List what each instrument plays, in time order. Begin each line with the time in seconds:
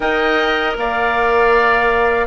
0.00 bassoon D#4, clarinet A#4, oboe D#5, flute G5
0.76 bassoon A#3, oboe D5, flute F5